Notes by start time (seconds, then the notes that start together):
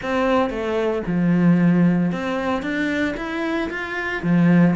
0.02 C4
0.50 A3
1.06 F3
2.12 C4
2.62 D4
3.17 E4
3.69 F4
4.22 F3